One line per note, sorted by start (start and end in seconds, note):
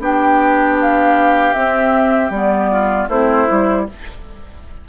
0.00 1.54 B3
0.00 1.54 D4
0.00 2.71 G4
0.00 0.79 G5
0.81 1.54 F5
1.54 2.31 C4
1.54 2.30 C4
1.54 2.31 E5
2.30 3.07 G3
2.30 3.10 B3
2.30 3.09 D5
2.71 3.09 F4
3.09 3.47 A3
3.09 3.48 C4
3.09 3.86 E4
3.09 3.87 C5
3.48 3.89 G3
3.48 3.87 E4